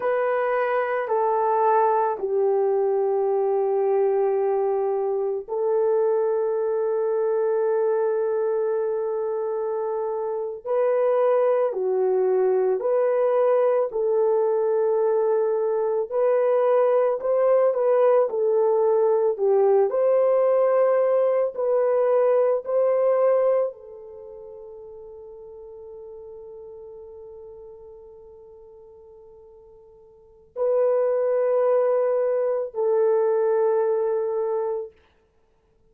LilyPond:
\new Staff \with { instrumentName = "horn" } { \time 4/4 \tempo 4 = 55 b'4 a'4 g'2~ | g'4 a'2.~ | a'4.~ a'16 b'4 fis'4 b'16~ | b'8. a'2 b'4 c''16~ |
c''16 b'8 a'4 g'8 c''4. b'16~ | b'8. c''4 a'2~ a'16~ | a'1 | b'2 a'2 | }